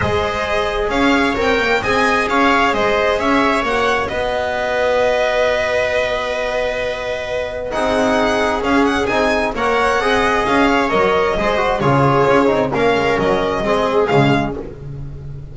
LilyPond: <<
  \new Staff \with { instrumentName = "violin" } { \time 4/4 \tempo 4 = 132 dis''2 f''4 g''4 | gis''4 f''4 dis''4 e''4 | fis''4 dis''2.~ | dis''1~ |
dis''4 fis''2 f''8 fis''8 | gis''4 fis''2 f''4 | dis''2 cis''2 | f''4 dis''2 f''4 | }
  \new Staff \with { instrumentName = "viola" } { \time 4/4 c''2 cis''2 | dis''4 cis''4 c''4 cis''4~ | cis''4 b'2.~ | b'1~ |
b'4 gis'2.~ | gis'4 cis''4 dis''4. cis''8~ | cis''4 c''4 gis'2 | ais'2 gis'2 | }
  \new Staff \with { instrumentName = "trombone" } { \time 4/4 gis'2. ais'4 | gis'1 | fis'1~ | fis'1~ |
fis'4 dis'2 cis'4 | dis'4 ais'4 gis'2 | ais'4 gis'8 fis'8 f'4. dis'8 | cis'2 c'4 gis4 | }
  \new Staff \with { instrumentName = "double bass" } { \time 4/4 gis2 cis'4 c'8 ais8 | c'4 cis'4 gis4 cis'4 | ais4 b2.~ | b1~ |
b4 c'2 cis'4 | c'4 ais4 c'4 cis'4 | fis4 gis4 cis4 cis'8 c'8 | ais8 gis8 fis4 gis4 cis4 | }
>>